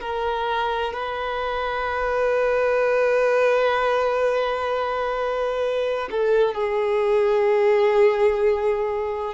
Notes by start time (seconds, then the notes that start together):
0.00 A#4
0.93 B4
6.11 A4
6.54 G#4